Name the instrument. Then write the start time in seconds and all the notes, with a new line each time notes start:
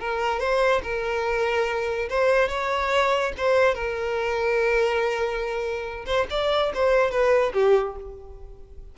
violin
0.00 A#4
0.40 C5
0.83 A#4
2.10 C5
2.49 C#5
3.38 C5
3.75 A#4
6.06 C5
6.31 D5
6.74 C5
7.11 B4
7.54 G4